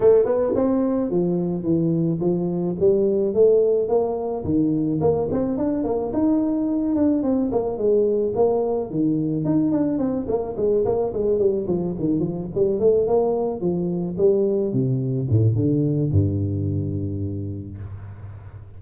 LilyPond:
\new Staff \with { instrumentName = "tuba" } { \time 4/4 \tempo 4 = 108 a8 b8 c'4 f4 e4 | f4 g4 a4 ais4 | dis4 ais8 c'8 d'8 ais8 dis'4~ | dis'8 d'8 c'8 ais8 gis4 ais4 |
dis4 dis'8 d'8 c'8 ais8 gis8 ais8 | gis8 g8 f8 dis8 f8 g8 a8 ais8~ | ais8 f4 g4 c4 a,8 | d4 g,2. | }